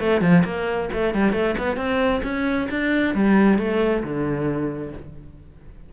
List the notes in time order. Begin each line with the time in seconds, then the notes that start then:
0.00 A3
0.21 F3
0.45 A#3
0.93 A3
1.14 G3
1.33 A3
1.58 B3
1.77 C4
2.24 C#4
2.70 D4
3.15 G3
3.58 A3
4.04 D3